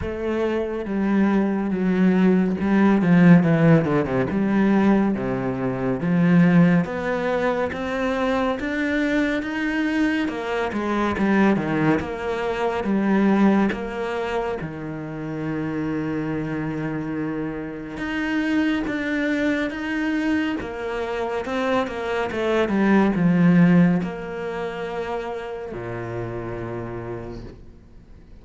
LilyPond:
\new Staff \with { instrumentName = "cello" } { \time 4/4 \tempo 4 = 70 a4 g4 fis4 g8 f8 | e8 d16 c16 g4 c4 f4 | b4 c'4 d'4 dis'4 | ais8 gis8 g8 dis8 ais4 g4 |
ais4 dis2.~ | dis4 dis'4 d'4 dis'4 | ais4 c'8 ais8 a8 g8 f4 | ais2 ais,2 | }